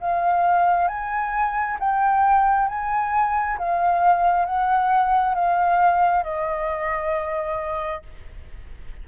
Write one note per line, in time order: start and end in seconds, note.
0.00 0.88 F5
0.88 1.77 G#5
1.79 2.68 G5
2.68 3.57 G#5
3.58 4.45 F5
4.45 5.34 F#5
5.34 6.23 F5
6.23 8.02 D#5